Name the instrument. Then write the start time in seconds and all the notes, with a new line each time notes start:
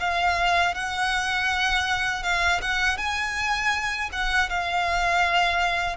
violin
0.00 F5
0.75 F#5
2.23 F5
2.61 F#5
2.98 G#5
4.12 F#5
4.49 F5